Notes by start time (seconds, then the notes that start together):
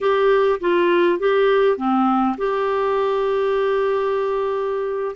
0.00 G4
0.60 F4
1.19 G4
1.77 C4
2.37 G4